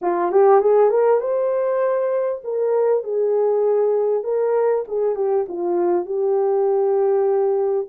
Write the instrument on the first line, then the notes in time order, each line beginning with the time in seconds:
horn
0.01 F4
0.31 G4
0.61 G#4
0.90 A#4
1.20 C5
2.44 A#4
3.03 G#4
4.23 A#4
4.88 G#4
5.15 G4
5.48 F4
6.05 G4